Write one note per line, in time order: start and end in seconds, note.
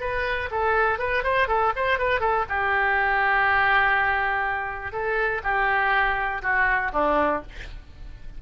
0.00 0.49 B4
0.51 0.99 A4
0.99 1.23 B4
1.23 1.48 C5
1.48 1.72 A4
1.76 1.99 C5
1.99 2.20 B4
2.20 2.45 A4
2.49 4.92 G4
4.92 5.41 A4
5.43 6.42 G4
6.42 6.91 F#4
6.93 7.42 D4